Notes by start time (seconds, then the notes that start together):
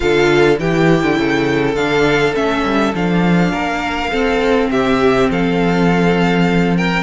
0.00 D3 F4 A4 F5
0.57 E3 E4 G4 G5
1.03 D3
1.16 C#3 A4
1.75 D3 D4 F5
2.33 A3 C#4 E5
2.64 G3
2.94 F3 D4 F5
3.51 A#3 A#4
4.11 C4 A4
4.69 C3 G4 E5
5.30 F3 A4 F5
6.77 A#4 G5